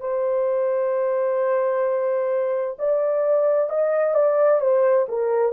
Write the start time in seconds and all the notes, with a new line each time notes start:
0.00 C5
2.79 D5
3.70 D#5
4.15 D5
4.61 C5
5.09 A#4